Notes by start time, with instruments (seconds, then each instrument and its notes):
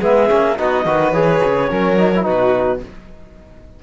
0.00 cello G#3, trombone B3, violin G#4, clarinet E5
0.28 cello A#3, trombone C#4
0.57 cello B3, trombone D#4, violin F#4, clarinet D#5
0.85 cello D#3, trombone F#4, violin B4
1.12 cello E3, trombone G#4, clarinet C#5
1.45 cello C#3
1.70 cello F#3, trombone C#4, violin A#4
1.97 trombone D#4
2.15 trombone E4
2.22 cello B2, trombone D#4, violin F#4, clarinet B4